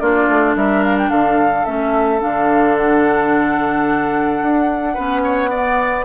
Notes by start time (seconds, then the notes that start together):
0.00 A#3 D4 F4 D5
0.29 A3
0.56 G3 A#4 E5
0.84 F5
0.98 G5
1.10 D3 A4 F5
1.65 A3 C#4 E5
2.20 D3 D4 F5
2.77 F#5
4.42 D4
4.94 B3 C#4 B4
5.24 C#5
5.50 B3 D5